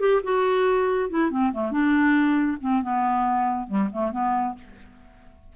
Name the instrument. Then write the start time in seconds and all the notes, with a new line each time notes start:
clarinet
0.00 G4
0.24 F#4
1.10 E4
1.31 C4
1.53 A3
1.72 D4
2.61 C4
2.82 B3
3.68 G3
3.92 A3
4.12 B3